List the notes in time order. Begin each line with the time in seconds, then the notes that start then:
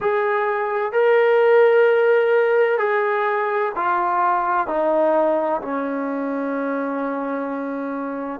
0.00 G#4
0.92 A#4
2.78 G#4
3.75 F4
4.67 D#4
5.61 C#4